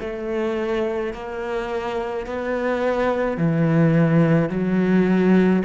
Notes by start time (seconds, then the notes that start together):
0.00 A3
1.13 A#3
2.26 B3
3.37 E3
4.49 F#3